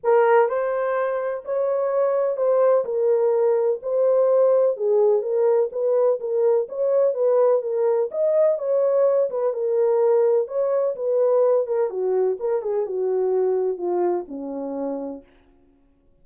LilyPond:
\new Staff \with { instrumentName = "horn" } { \time 4/4 \tempo 4 = 126 ais'4 c''2 cis''4~ | cis''4 c''4 ais'2 | c''2 gis'4 ais'4 | b'4 ais'4 cis''4 b'4 |
ais'4 dis''4 cis''4. b'8 | ais'2 cis''4 b'4~ | b'8 ais'8 fis'4 ais'8 gis'8 fis'4~ | fis'4 f'4 cis'2 | }